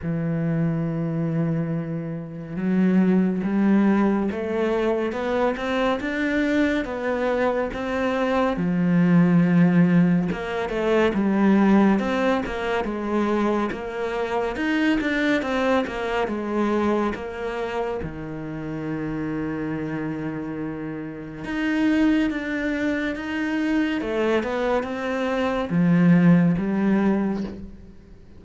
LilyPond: \new Staff \with { instrumentName = "cello" } { \time 4/4 \tempo 4 = 70 e2. fis4 | g4 a4 b8 c'8 d'4 | b4 c'4 f2 | ais8 a8 g4 c'8 ais8 gis4 |
ais4 dis'8 d'8 c'8 ais8 gis4 | ais4 dis2.~ | dis4 dis'4 d'4 dis'4 | a8 b8 c'4 f4 g4 | }